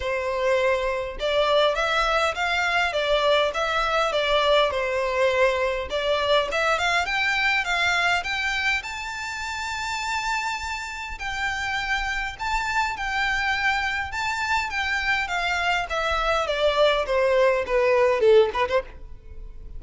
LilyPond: \new Staff \with { instrumentName = "violin" } { \time 4/4 \tempo 4 = 102 c''2 d''4 e''4 | f''4 d''4 e''4 d''4 | c''2 d''4 e''8 f''8 | g''4 f''4 g''4 a''4~ |
a''2. g''4~ | g''4 a''4 g''2 | a''4 g''4 f''4 e''4 | d''4 c''4 b'4 a'8 b'16 c''16 | }